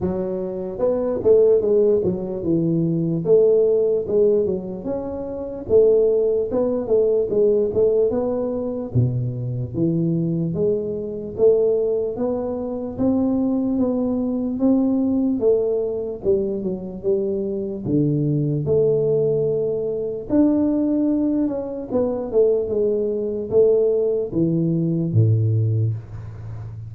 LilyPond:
\new Staff \with { instrumentName = "tuba" } { \time 4/4 \tempo 4 = 74 fis4 b8 a8 gis8 fis8 e4 | a4 gis8 fis8 cis'4 a4 | b8 a8 gis8 a8 b4 b,4 | e4 gis4 a4 b4 |
c'4 b4 c'4 a4 | g8 fis8 g4 d4 a4~ | a4 d'4. cis'8 b8 a8 | gis4 a4 e4 a,4 | }